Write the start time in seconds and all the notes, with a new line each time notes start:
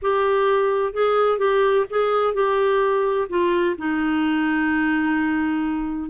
0.01 G4
0.93 G#4
1.38 G4
1.90 G#4
2.34 G4
3.29 F4
3.78 D#4